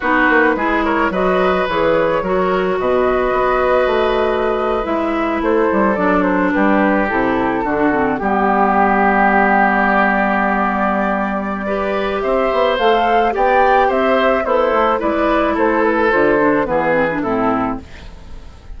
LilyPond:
<<
  \new Staff \with { instrumentName = "flute" } { \time 4/4 \tempo 4 = 108 b'4. cis''8 dis''4 cis''4~ | cis''4 dis''2.~ | dis''8. e''4 c''4 d''8 c''8 b'16~ | b'8. a'2 g'4~ g'16~ |
g'4. d''2~ d''8~ | d''2 e''4 f''4 | g''4 e''4 c''4 d''4 | c''8 b'8 c''4 b'4 a'4 | }
  \new Staff \with { instrumentName = "oboe" } { \time 4/4 fis'4 gis'8 ais'8 b'2 | ais'4 b'2.~ | b'4.~ b'16 a'2 g'16~ | g'4.~ g'16 fis'4 g'4~ g'16~ |
g'1~ | g'4 b'4 c''2 | d''4 c''4 e'4 b'4 | a'2 gis'4 e'4 | }
  \new Staff \with { instrumentName = "clarinet" } { \time 4/4 dis'4 e'4 fis'4 gis'4 | fis'1~ | fis'8. e'2 d'4~ d'16~ | d'8. e'4 d'8 c'8 b4~ b16~ |
b1~ | b4 g'2 a'4 | g'2 a'4 e'4~ | e'4 f'8 d'8 b8 c'16 d'16 c'4 | }
  \new Staff \with { instrumentName = "bassoon" } { \time 4/4 b8 ais8 gis4 fis4 e4 | fis4 b,4 b4 a4~ | a8. gis4 a8 g8 fis4 g16~ | g8. c4 d4 g4~ g16~ |
g1~ | g2 c'8 b8 a4 | b4 c'4 b8 a8 gis4 | a4 d4 e4 a,4 | }
>>